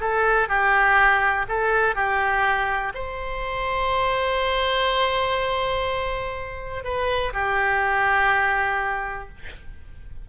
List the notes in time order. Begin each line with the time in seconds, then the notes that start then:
0.00 A4
0.48 G4
1.48 A4
1.95 G4
2.94 C5
6.84 B4
7.33 G4